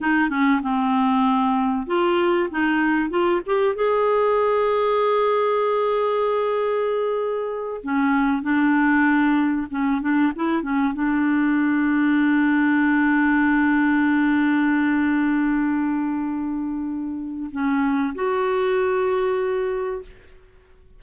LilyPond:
\new Staff \with { instrumentName = "clarinet" } { \time 4/4 \tempo 4 = 96 dis'8 cis'8 c'2 f'4 | dis'4 f'8 g'8 gis'2~ | gis'1~ | gis'8 cis'4 d'2 cis'8 |
d'8 e'8 cis'8 d'2~ d'8~ | d'1~ | d'1 | cis'4 fis'2. | }